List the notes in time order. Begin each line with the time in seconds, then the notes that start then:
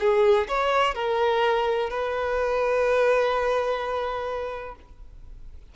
0.00 G#4
0.48 C#5
0.95 A#4
1.90 B4